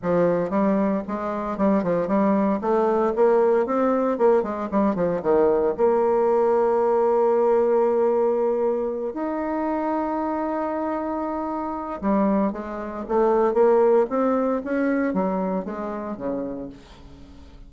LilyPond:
\new Staff \with { instrumentName = "bassoon" } { \time 4/4 \tempo 4 = 115 f4 g4 gis4 g8 f8 | g4 a4 ais4 c'4 | ais8 gis8 g8 f8 dis4 ais4~ | ais1~ |
ais4. dis'2~ dis'8~ | dis'2. g4 | gis4 a4 ais4 c'4 | cis'4 fis4 gis4 cis4 | }